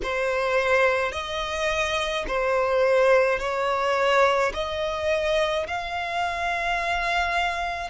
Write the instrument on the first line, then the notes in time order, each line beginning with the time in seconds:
violin
0.03 C5
1.12 D#5
2.27 C5
3.39 C#5
4.53 D#5
5.67 F5